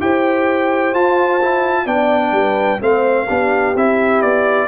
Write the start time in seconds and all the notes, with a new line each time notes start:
0.00 E4 G4 C5 G5
0.93 F4 A5
1.42 E4
1.85 B3 D4 D5 G5
2.32 G3 B4
2.80 A3 C4 C5 F5
3.27 B3 D4 G4
3.75 C4 E4 E5
4.21 B3 D5